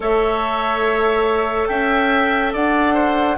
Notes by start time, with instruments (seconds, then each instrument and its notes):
0.00 bassoon A3, clarinet A4, oboe C#5, flute E5
1.67 bassoon C#4, oboe E5, flute G5
2.53 bassoon D4, oboe D5, flute F#5
2.94 oboe C5